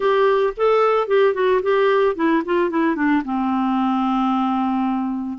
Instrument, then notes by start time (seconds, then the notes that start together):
clarinet
0.00 G4
0.56 A4
1.07 G4
1.34 F#4
1.62 G4
2.15 E4
2.45 F4
2.70 E4
2.95 D4
3.24 C4